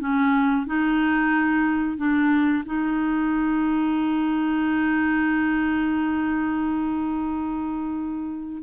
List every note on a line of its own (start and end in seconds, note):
0.00 0.66 C#4
0.66 1.97 D#4
1.97 2.64 D4
2.66 8.63 D#4